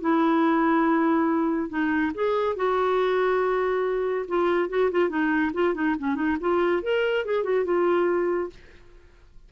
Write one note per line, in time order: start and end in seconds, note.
0.00 1.69 E4
1.69 2.12 D#4
2.14 2.56 G#4
2.56 4.26 F#4
4.28 4.69 F4
4.69 4.90 F#4
4.91 5.09 F4
5.09 5.51 D#4
5.53 5.74 F4
5.74 5.95 D#4
5.99 6.15 C#4
6.15 6.36 D#4
6.40 6.82 F4
6.82 7.25 A#4
7.25 7.43 G#4
7.43 7.65 F#4
7.65 8.50 F4